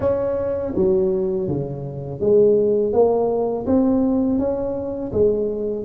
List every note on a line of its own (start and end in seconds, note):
0.00 0.73 C#4
0.75 1.48 F#3
1.48 2.20 C#3
2.20 2.92 G#3
2.92 3.66 A#3
3.66 4.39 C4
4.39 5.12 C#4
5.12 5.85 G#3